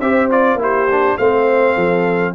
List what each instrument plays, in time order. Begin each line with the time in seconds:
0.00 tuba C4, trombone G4, horn C5, trumpet E5
0.30 trombone F4, trumpet D5
0.55 tuba A#3, trombone E4
0.61 horn G4, trumpet C5
0.90 trombone D4
1.17 tuba A3, trombone C4, horn C5, trumpet F5
1.75 tuba F3, horn A4